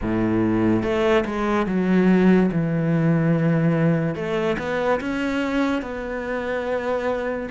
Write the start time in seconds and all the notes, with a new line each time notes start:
0.01 A2
0.83 A3
1.25 G#3
1.66 F#3
2.51 E3
4.15 A3
4.58 B3
5.00 C#4
5.81 B3